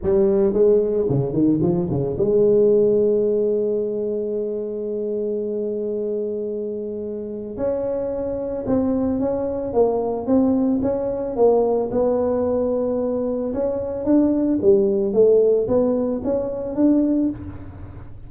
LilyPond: \new Staff \with { instrumentName = "tuba" } { \time 4/4 \tempo 4 = 111 g4 gis4 cis8 dis8 f8 cis8 | gis1~ | gis1~ | gis2 cis'2 |
c'4 cis'4 ais4 c'4 | cis'4 ais4 b2~ | b4 cis'4 d'4 g4 | a4 b4 cis'4 d'4 | }